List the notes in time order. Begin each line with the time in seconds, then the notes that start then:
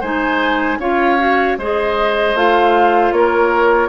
0.00 G#3 D#4 C5 G#5
0.78 C#4 F4 C#5 F5
1.18 F#4
1.57 G#3 G#4 C5 D#5
2.34 A3 F4 F5
3.12 A#3 A#4 C#5